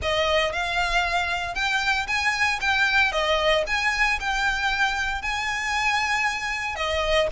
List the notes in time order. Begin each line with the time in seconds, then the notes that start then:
0.01 D#5
0.52 F5
1.54 G5
2.07 G#5
2.60 G5
3.12 D#5
3.66 G#5
4.20 G5
5.22 G#5
6.75 D#5